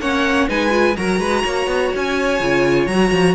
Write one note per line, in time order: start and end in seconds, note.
0.00 0.48 A#3
0.00 0.48 C#4
0.00 0.49 C#5
0.00 0.49 F#5
0.48 0.97 G#3
0.48 0.70 D#4
0.48 0.97 B4
0.48 0.96 G#5
0.70 0.94 F4
0.96 1.20 F#3
0.96 2.40 F#4
0.96 1.19 A#4
0.96 1.92 A#5
1.19 1.44 G#3
1.19 1.43 B4
1.44 1.67 A#3
1.44 3.35 C#5
1.67 1.91 B3
1.95 2.40 C#4
1.95 2.87 G#5
2.40 2.87 C#3
2.40 2.89 F4
2.87 3.11 F#3
2.87 3.35 F#4
2.87 3.35 A#5
3.11 3.35 F3